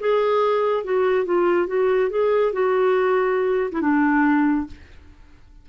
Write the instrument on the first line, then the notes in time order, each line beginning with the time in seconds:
clarinet
0.00 G#4
0.84 F#4
1.25 F4
1.67 F#4
2.10 G#4
2.53 F#4
3.72 E4
3.81 D4